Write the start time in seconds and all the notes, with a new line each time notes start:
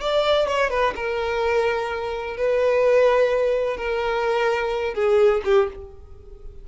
0.00 D5
0.47 C#5
0.70 B4
0.95 A#4
2.37 B4
3.77 A#4
4.94 G#4
5.44 G4